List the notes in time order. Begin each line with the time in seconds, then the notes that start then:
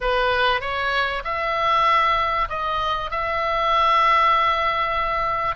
0.00 B4
0.60 C#5
1.24 E5
2.49 D#5
3.10 E5